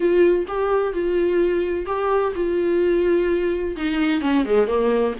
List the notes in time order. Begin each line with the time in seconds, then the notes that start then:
0.00 F4
0.47 G4
0.93 F4
1.86 G4
2.35 F4
3.76 D#4
4.21 C#4
4.45 G#3
4.67 A#3